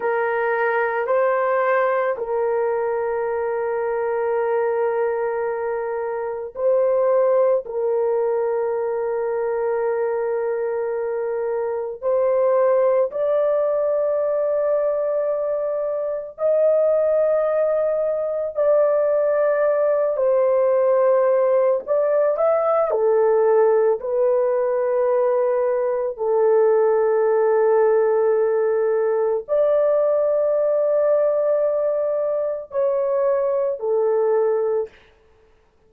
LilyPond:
\new Staff \with { instrumentName = "horn" } { \time 4/4 \tempo 4 = 55 ais'4 c''4 ais'2~ | ais'2 c''4 ais'4~ | ais'2. c''4 | d''2. dis''4~ |
dis''4 d''4. c''4. | d''8 e''8 a'4 b'2 | a'2. d''4~ | d''2 cis''4 a'4 | }